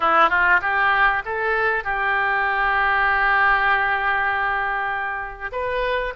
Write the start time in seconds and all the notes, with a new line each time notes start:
0.00 E4
0.29 F4
0.61 G4
1.25 A4
1.83 G4
5.52 B4